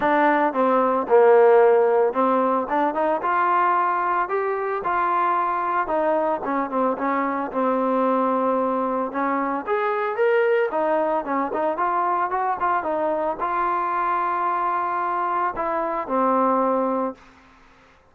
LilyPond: \new Staff \with { instrumentName = "trombone" } { \time 4/4 \tempo 4 = 112 d'4 c'4 ais2 | c'4 d'8 dis'8 f'2 | g'4 f'2 dis'4 | cis'8 c'8 cis'4 c'2~ |
c'4 cis'4 gis'4 ais'4 | dis'4 cis'8 dis'8 f'4 fis'8 f'8 | dis'4 f'2.~ | f'4 e'4 c'2 | }